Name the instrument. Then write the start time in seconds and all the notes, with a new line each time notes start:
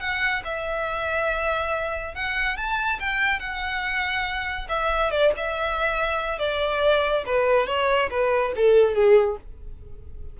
violin
0.00 F#5
0.44 E5
2.15 F#5
2.57 A5
3.00 G5
3.40 F#5
4.69 E5
5.11 D5
5.37 E5
6.39 D5
7.26 B4
7.67 C#5
8.10 B4
8.56 A4
8.94 G#4